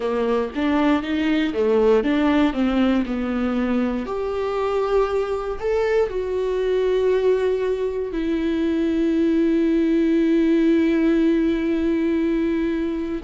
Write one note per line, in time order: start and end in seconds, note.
0.00 0.50 A#3
0.55 1.02 D4
1.02 1.53 D#4
1.53 2.03 A3
2.03 2.53 D4
2.53 3.04 C4
3.05 4.06 B3
4.06 5.58 G4
5.59 6.09 A4
6.09 8.12 F#4
8.12 13.20 E4